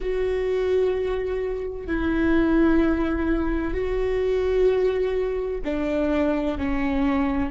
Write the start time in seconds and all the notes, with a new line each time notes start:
0.00 F#4
1.87 E4
3.73 F#4
5.64 D4
6.58 C#4